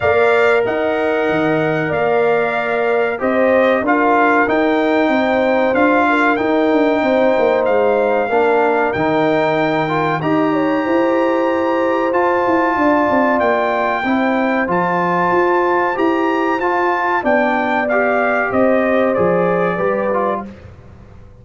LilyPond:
<<
  \new Staff \with { instrumentName = "trumpet" } { \time 4/4 \tempo 4 = 94 f''4 fis''2 f''4~ | f''4 dis''4 f''4 g''4~ | g''4 f''4 g''2 | f''2 g''2 |
ais''2. a''4~ | a''4 g''2 a''4~ | a''4 ais''4 a''4 g''4 | f''4 dis''4 d''2 | }
  \new Staff \with { instrumentName = "horn" } { \time 4/4 d''4 dis''2 d''4~ | d''4 c''4 ais'2 | c''4. ais'4. c''4~ | c''4 ais'2. |
dis''8 cis''8 c''2. | d''2 c''2~ | c''2. d''4~ | d''4 c''2 b'4 | }
  \new Staff \with { instrumentName = "trombone" } { \time 4/4 ais'1~ | ais'4 g'4 f'4 dis'4~ | dis'4 f'4 dis'2~ | dis'4 d'4 dis'4. f'8 |
g'2. f'4~ | f'2 e'4 f'4~ | f'4 g'4 f'4 d'4 | g'2 gis'4 g'8 f'8 | }
  \new Staff \with { instrumentName = "tuba" } { \time 4/4 ais4 dis'4 dis4 ais4~ | ais4 c'4 d'4 dis'4 | c'4 d'4 dis'8 d'8 c'8 ais8 | gis4 ais4 dis2 |
dis'4 e'2 f'8 e'8 | d'8 c'8 ais4 c'4 f4 | f'4 e'4 f'4 b4~ | b4 c'4 f4 g4 | }
>>